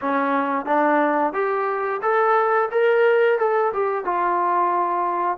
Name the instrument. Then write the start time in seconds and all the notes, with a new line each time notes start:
trombone
0.01 C#4
0.65 D4
1.33 G4
2.01 A4
2.71 A#4
3.38 A4
3.73 G4
4.04 F4